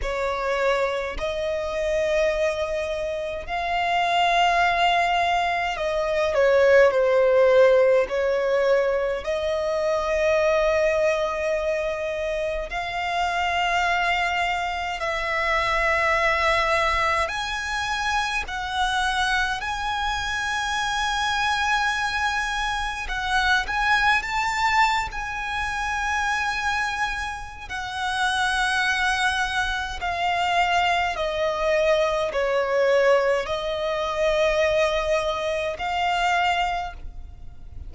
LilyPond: \new Staff \with { instrumentName = "violin" } { \time 4/4 \tempo 4 = 52 cis''4 dis''2 f''4~ | f''4 dis''8 cis''8 c''4 cis''4 | dis''2. f''4~ | f''4 e''2 gis''4 |
fis''4 gis''2. | fis''8 gis''8 a''8. gis''2~ gis''16 | fis''2 f''4 dis''4 | cis''4 dis''2 f''4 | }